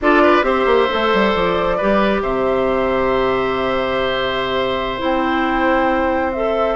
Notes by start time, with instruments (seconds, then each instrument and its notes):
0.01 bassoon D4, clarinet F4, oboe A4, flute D5
0.23 oboe B4
0.42 bassoon C4, clarinet G4, oboe C5, flute E5
0.65 bassoon A#3
0.90 bassoon A3, clarinet A4
1.13 bassoon G3
1.33 bassoon F3, flute D5
1.77 bassoon G3, clarinet G4, oboe B4
2.22 bassoon C3, oboe C5, flute E5
4.98 bassoon C4, clarinet E4, flute G5
6.32 clarinet A4, flute E5